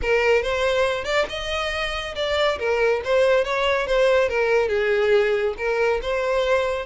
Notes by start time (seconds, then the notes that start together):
0.02 A#4
0.42 C5
1.04 D5
1.29 D#5
2.15 D5
2.58 A#4
3.04 C5
3.44 C#5
3.86 C5
4.29 A#4
4.68 G#4
5.57 A#4
6.02 C5